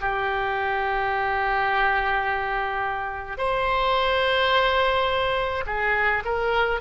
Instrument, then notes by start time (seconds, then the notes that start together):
oboe
0.00 G4
3.37 C5
5.66 G#4
6.25 A#4